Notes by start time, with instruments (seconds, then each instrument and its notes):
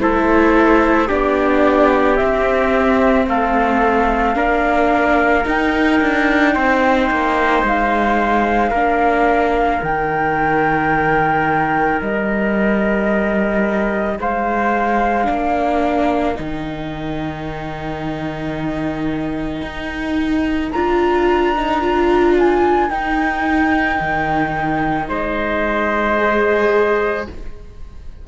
0.00 cello A3, viola E4, trumpet A4, flute C5
1.08 cello B3, viola D4, trumpet G4, flute D5
2.17 viola C4, cello C4, flute E5
3.27 cello A3, trumpet A4, flute F5
4.35 cello A#3, viola D4, trumpet A#4
5.45 viola D#4, cello D#4, flute G5
6.02 cello D4
6.55 cello C4, trumpet C5
7.11 cello A#3
7.63 cello G#3, flute F5
8.71 cello A#3, viola D4, trumpet A#4
9.81 cello D#3, viola D#4, flute G5
12.02 cello G3, flute D#5
14.19 cello G#3, trumpet C5, flute F5
15.25 cello A#3, viola D4, trumpet A#4
16.36 cello D#3, viola D#4, flute G5
19.62 cello D#4
20.71 cello D4, viola F4, flute A#5
21.57 viola D#4
21.82 viola F4
22.39 flute G#5
22.90 cello D#4, viola D#4, flute G5
24.01 cello D#3
25.09 cello G#3, trumpet C5, flute D#5
26.18 viola G#4